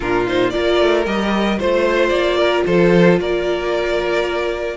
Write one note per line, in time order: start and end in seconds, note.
0.00 0.54 A#2
0.00 0.27 D4
0.00 0.52 F4
0.00 0.26 A#4
0.27 0.52 D#4
0.27 0.50 C5
0.50 0.80 A#3
0.50 1.05 F4
0.50 1.58 A#4
0.50 1.03 D5
0.80 1.06 A3
1.06 1.59 G3
1.06 1.59 G4
1.06 1.59 D#5
1.58 2.10 A3
1.58 4.76 F4
1.58 2.37 C5
1.58 2.09 C5
2.09 2.63 A#3
2.09 2.62 D5
2.37 2.63 A#4
2.66 3.19 F3
2.66 3.19 A4
2.66 3.19 C5
3.19 4.76 A#3
3.19 4.76 A#4
3.19 4.76 D5